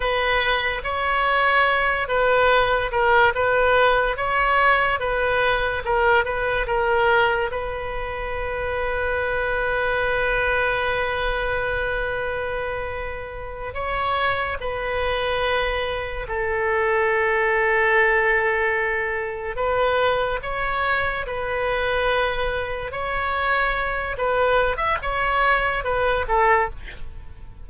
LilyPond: \new Staff \with { instrumentName = "oboe" } { \time 4/4 \tempo 4 = 72 b'4 cis''4. b'4 ais'8 | b'4 cis''4 b'4 ais'8 b'8 | ais'4 b'2.~ | b'1~ |
b'8 cis''4 b'2 a'8~ | a'2.~ a'8 b'8~ | b'8 cis''4 b'2 cis''8~ | cis''4 b'8. e''16 cis''4 b'8 a'8 | }